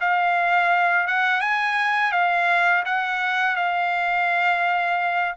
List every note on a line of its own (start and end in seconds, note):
0.00 1.07 F5
1.07 1.41 F#5
1.41 2.12 G#5
2.12 2.83 F5
2.85 3.56 F#5
3.56 5.34 F5